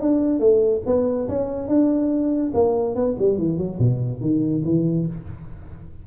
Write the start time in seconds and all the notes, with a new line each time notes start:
0.00 D4
0.39 A3
0.86 B3
1.28 C#4
1.68 D4
2.54 A#3
2.95 B3
3.18 G3
3.38 E3
3.57 F#3
3.78 B2
4.21 D#3
4.64 E3